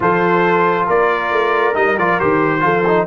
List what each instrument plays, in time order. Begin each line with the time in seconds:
0.00 tuba F3, trombone F4, horn A4, trumpet C5
0.86 tuba A#3, horn A#4, trumpet D5
1.32 tuba A3
1.73 tuba G3, trombone D#4, trumpet D#5
1.97 tuba F3, trombone F4, trumpet D5
2.19 tuba D#3, trombone G4, trumpet C5
2.60 tuba F3, trombone F4, horn A4
2.86 trombone D#4